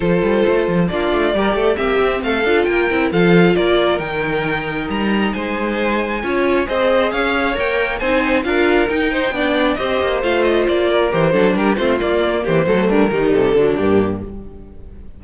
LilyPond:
<<
  \new Staff \with { instrumentName = "violin" } { \time 4/4 \tempo 4 = 135 c''2 d''2 | e''4 f''4 g''4 f''4 | d''4 g''2 ais''4 | gis''2. dis''4 |
f''4 g''4 gis''4 f''4 | g''2 dis''4 f''8 dis''8 | d''4 c''4 ais'8 c''8 d''4 | c''4 ais'4 a'4 g'4 | }
  \new Staff \with { instrumentName = "violin" } { \time 4/4 a'2 f'4 ais'8 a'8 | g'4 a'4 ais'4 a'4 | ais'1 | c''2 cis''4 c''4 |
cis''2 c''4 ais'4~ | ais'8 c''8 d''4 c''2~ | c''8 ais'4 a'8 g'8 f'4. | g'8 a'8 d'8 dis'4 d'4. | }
  \new Staff \with { instrumentName = "viola" } { \time 4/4 f'2 d'4 g'4 | c'4. f'4 e'8 f'4~ | f'4 dis'2.~ | dis'2 f'4 gis'4~ |
gis'4 ais'4 dis'4 f'4 | dis'4 d'4 g'4 f'4~ | f'4 g'8 d'4 c'8 ais4~ | ais8 a4 g4 fis8 ais4 | }
  \new Staff \with { instrumentName = "cello" } { \time 4/4 f8 g8 a8 f8 ais8 a8 g8 a8 | ais8 c'8 a8 d'8 ais8 c'8 f4 | ais4 dis2 g4 | gis2 cis'4 c'4 |
cis'4 ais4 c'4 d'4 | dis'4 b4 c'8 ais8 a4 | ais4 e8 fis8 g8 a8 ais4 | e8 fis8 g8 dis8 c8 d8 g,4 | }
>>